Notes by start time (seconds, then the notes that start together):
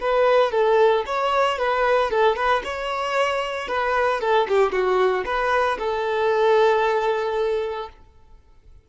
0.00 B4
0.51 A4
1.06 C#5
1.58 B4
2.10 A4
2.36 B4
2.64 C#5
3.68 B4
4.21 A4
4.48 G4
4.72 F#4
5.25 B4
5.78 A4